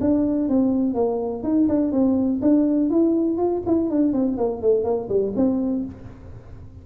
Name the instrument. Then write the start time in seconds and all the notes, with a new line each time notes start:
tuba
0.00 D4
0.49 C4
0.94 A#3
1.43 D#4
1.68 D4
1.92 C4
2.41 D4
2.90 E4
3.37 F4
3.66 E4
3.89 D4
4.12 C4
4.37 A#3
4.61 A3
4.84 A#3
5.08 G3
5.35 C4